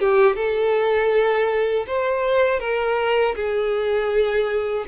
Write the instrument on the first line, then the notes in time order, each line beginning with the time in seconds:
violin
0.00 G4
0.36 A4
1.88 C5
2.60 A#4
3.36 G#4